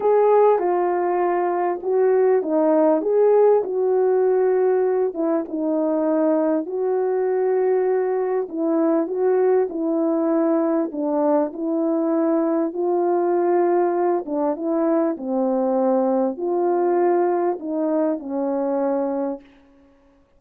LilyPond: \new Staff \with { instrumentName = "horn" } { \time 4/4 \tempo 4 = 99 gis'4 f'2 fis'4 | dis'4 gis'4 fis'2~ | fis'8 e'8 dis'2 fis'4~ | fis'2 e'4 fis'4 |
e'2 d'4 e'4~ | e'4 f'2~ f'8 d'8 | e'4 c'2 f'4~ | f'4 dis'4 cis'2 | }